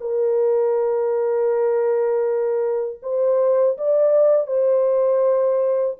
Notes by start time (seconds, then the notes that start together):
0.00 A#4
3.02 C5
3.77 D5
4.47 C5